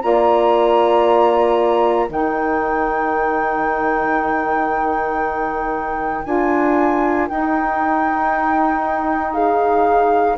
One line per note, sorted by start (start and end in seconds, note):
0.00 2.09 A#3
0.00 2.07 F4
0.00 2.09 D5
0.00 2.09 A#5
2.09 6.23 D#3
2.09 6.24 D#4
2.09 9.33 A#4
2.09 6.25 G5
6.25 7.29 D4
6.25 7.28 F4
6.25 7.28 G#5
7.28 10.38 D#4
7.28 9.33 G5
9.33 10.37 G#4
9.33 10.37 F5